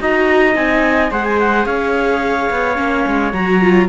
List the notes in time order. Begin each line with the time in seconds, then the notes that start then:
0.00 D#4 F#4 D#5 A#5
0.54 C4 D#4 G#5
1.11 G#3 G#4 C5 F#5
1.25 G#5
1.40 F#5
1.66 C#4 C#5 F5
2.50 B3
2.75 A#3 C#4
3.07 G#3
3.33 F#3 F#4 A#5
3.61 F4